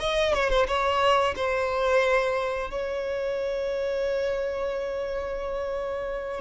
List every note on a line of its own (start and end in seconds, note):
0.00 0.34 D#5
0.34 0.50 C#5
0.50 0.66 C5
0.67 1.35 C#5
1.35 2.70 C5
2.71 6.40 C#5